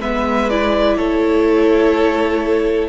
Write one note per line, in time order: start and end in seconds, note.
0.00 0.97 G#3
0.00 0.50 B3
0.00 0.97 B4
0.00 0.49 E5
0.49 2.88 E4
0.49 0.96 D5
0.96 2.88 A3
0.96 2.88 A4
0.96 2.88 C#5